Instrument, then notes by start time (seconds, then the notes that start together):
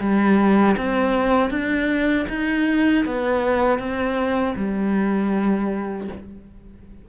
cello
0.00 G3
0.77 C4
1.50 D4
2.29 D#4
3.05 B3
3.79 C4
4.56 G3